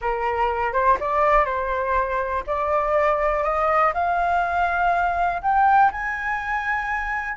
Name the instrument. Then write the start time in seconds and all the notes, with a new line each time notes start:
flute
0.01 A#4
0.72 C5
1.00 D5
1.45 C5
2.46 D5
3.43 D#5
3.94 F5
5.42 G5
5.91 G#5